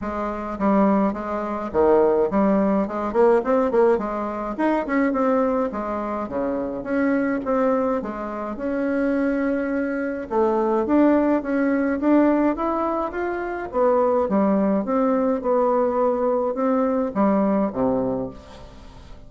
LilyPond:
\new Staff \with { instrumentName = "bassoon" } { \time 4/4 \tempo 4 = 105 gis4 g4 gis4 dis4 | g4 gis8 ais8 c'8 ais8 gis4 | dis'8 cis'8 c'4 gis4 cis4 | cis'4 c'4 gis4 cis'4~ |
cis'2 a4 d'4 | cis'4 d'4 e'4 f'4 | b4 g4 c'4 b4~ | b4 c'4 g4 c4 | }